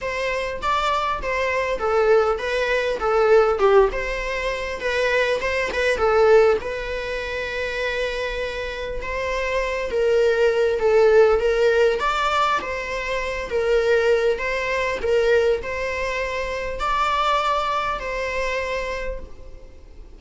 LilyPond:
\new Staff \with { instrumentName = "viola" } { \time 4/4 \tempo 4 = 100 c''4 d''4 c''4 a'4 | b'4 a'4 g'8 c''4. | b'4 c''8 b'8 a'4 b'4~ | b'2. c''4~ |
c''8 ais'4. a'4 ais'4 | d''4 c''4. ais'4. | c''4 ais'4 c''2 | d''2 c''2 | }